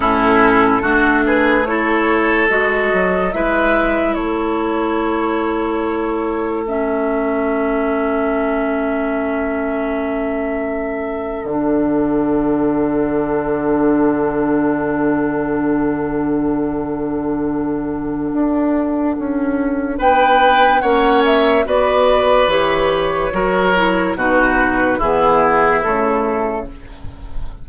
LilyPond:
<<
  \new Staff \with { instrumentName = "flute" } { \time 4/4 \tempo 4 = 72 a'4. b'8 cis''4 dis''4 | e''4 cis''2. | e''1~ | e''4.~ e''16 fis''2~ fis''16~ |
fis''1~ | fis''1 | g''4 fis''8 e''8 d''4 cis''4~ | cis''4 b'4 gis'4 a'4 | }
  \new Staff \with { instrumentName = "oboe" } { \time 4/4 e'4 fis'8 gis'8 a'2 | b'4 a'2.~ | a'1~ | a'1~ |
a'1~ | a'1 | b'4 cis''4 b'2 | ais'4 fis'4 e'2 | }
  \new Staff \with { instrumentName = "clarinet" } { \time 4/4 cis'4 d'4 e'4 fis'4 | e'1 | cis'1~ | cis'4.~ cis'16 d'2~ d'16~ |
d'1~ | d'1~ | d'4 cis'4 fis'4 g'4 | fis'8 e'8 dis'4 b4 a4 | }
  \new Staff \with { instrumentName = "bassoon" } { \time 4/4 a,4 a2 gis8 fis8 | gis4 a2.~ | a1~ | a4.~ a16 d2~ d16~ |
d1~ | d2 d'4 cis'4 | b4 ais4 b4 e4 | fis4 b,4 e4 cis4 | }
>>